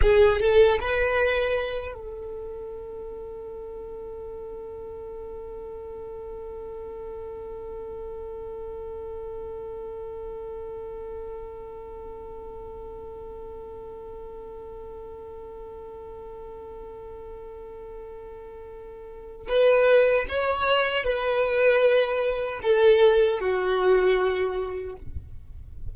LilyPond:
\new Staff \with { instrumentName = "violin" } { \time 4/4 \tempo 4 = 77 gis'8 a'8 b'4. a'4.~ | a'1~ | a'1~ | a'1~ |
a'1~ | a'1~ | a'4 b'4 cis''4 b'4~ | b'4 a'4 fis'2 | }